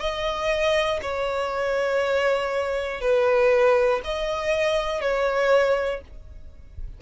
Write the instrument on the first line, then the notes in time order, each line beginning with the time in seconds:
violin
0.00 D#5
1.02 C#5
3.00 B4
4.04 D#5
5.00 C#5